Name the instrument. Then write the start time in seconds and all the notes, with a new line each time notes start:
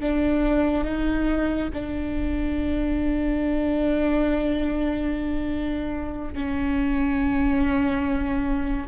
viola
0.00 D4
0.85 D#4
1.73 D4
6.34 C#4